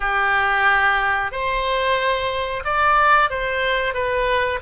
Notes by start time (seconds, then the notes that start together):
0.00 G4
1.31 C5
2.64 D5
3.30 C5
3.94 B4